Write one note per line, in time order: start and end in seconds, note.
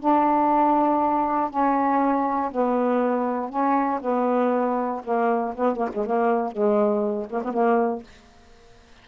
0.00 1.50 D4
1.50 2.51 C#4
2.51 3.50 B3
3.50 4.00 C#4
4.01 5.02 B3
5.04 5.54 A#3
5.55 5.76 B3
5.76 5.89 A#3
5.94 6.06 G#3
6.06 6.52 A#3
6.52 7.27 G#3
7.30 7.43 A#3
7.44 7.53 B3
7.53 8.03 A#3